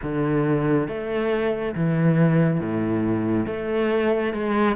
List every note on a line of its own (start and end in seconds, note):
0.02 0.87 D3
0.87 1.74 A3
1.75 2.60 E3
2.60 3.46 A2
3.46 4.33 A3
4.33 4.76 G#3